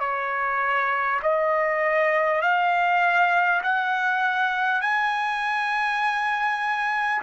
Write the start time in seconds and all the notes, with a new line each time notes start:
0.00 C#5
1.22 D#5
2.42 F5
3.62 F#5
4.81 G#5